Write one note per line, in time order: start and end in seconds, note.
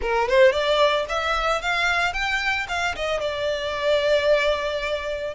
0.01 0.28 A#4
0.28 0.52 C5
0.52 1.05 D5
1.08 1.61 E5
1.61 2.13 F5
2.13 2.66 G5
2.68 2.95 F5
2.95 3.20 D#5
3.20 5.34 D5